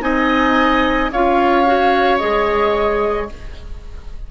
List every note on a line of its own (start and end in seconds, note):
0.00 1.10 C4
0.00 1.09 D#4
0.00 1.11 D#5
0.00 1.10 G#5
1.11 2.21 C#4
1.11 1.66 F4
1.11 3.30 C#5
1.11 2.17 F5
1.66 2.19 F#4
2.17 3.30 G#3
2.17 3.28 G#4
2.17 3.27 D#5